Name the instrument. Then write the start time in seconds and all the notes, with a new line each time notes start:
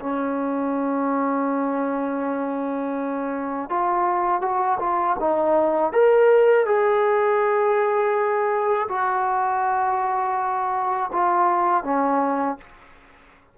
trombone
0.00 C#4
3.70 F4
4.41 F#4
4.79 F4
5.20 D#4
5.93 A#4
6.66 G#4
8.89 F#4
11.12 F4
11.84 C#4